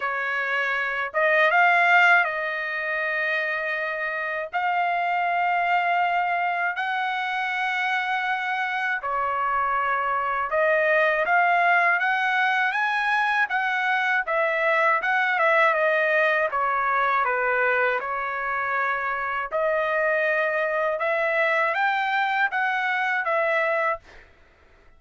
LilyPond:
\new Staff \with { instrumentName = "trumpet" } { \time 4/4 \tempo 4 = 80 cis''4. dis''8 f''4 dis''4~ | dis''2 f''2~ | f''4 fis''2. | cis''2 dis''4 f''4 |
fis''4 gis''4 fis''4 e''4 | fis''8 e''8 dis''4 cis''4 b'4 | cis''2 dis''2 | e''4 g''4 fis''4 e''4 | }